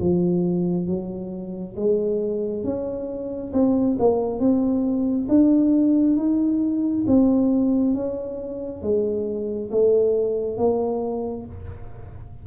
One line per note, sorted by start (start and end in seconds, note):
0.00 0.87 F3
0.87 1.75 F#3
1.76 2.64 G#3
2.64 3.52 C#4
3.53 3.97 C4
3.99 4.39 A#3
4.39 5.27 C4
5.29 6.17 D4
6.17 7.05 D#4
7.07 7.94 C4
7.94 8.82 C#4
8.82 9.71 G#3
9.71 10.58 A3
10.58 11.46 A#3